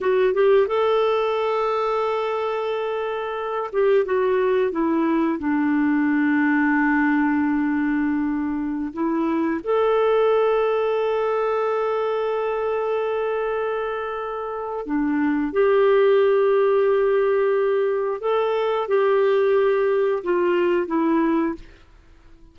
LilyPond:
\new Staff \with { instrumentName = "clarinet" } { \time 4/4 \tempo 4 = 89 fis'8 g'8 a'2.~ | a'4. g'8 fis'4 e'4 | d'1~ | d'4~ d'16 e'4 a'4.~ a'16~ |
a'1~ | a'2 d'4 g'4~ | g'2. a'4 | g'2 f'4 e'4 | }